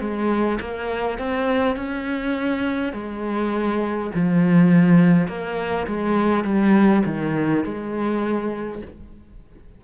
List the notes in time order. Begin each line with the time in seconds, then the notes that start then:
0.00 G#3
0.60 A#3
1.18 C4
1.76 C#4
2.93 G#3
4.14 F3
5.28 A#3
5.87 G#3
6.44 G3
7.05 D#3
7.64 G#3